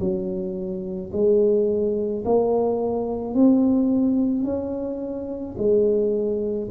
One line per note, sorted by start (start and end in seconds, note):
0.00 1.11 F#3
1.13 2.24 G#3
2.25 3.34 A#3
3.34 4.44 C4
4.44 5.56 C#4
5.58 6.69 G#3